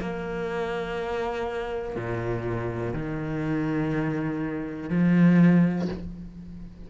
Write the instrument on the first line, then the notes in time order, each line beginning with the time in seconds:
cello
0.00 A#3
1.95 A#2
2.93 D#3
4.90 F3